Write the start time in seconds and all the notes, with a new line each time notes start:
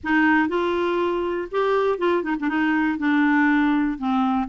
0.03 D#4
0.48 F4
1.51 G4
1.98 F4
2.23 D#4
2.39 D4
2.49 D#4
2.98 D4
3.98 C4